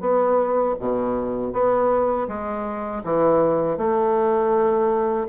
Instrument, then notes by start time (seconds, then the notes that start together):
bassoon
0.00 B3
0.79 B2
1.52 B3
2.27 G#3
3.03 E3
3.77 A3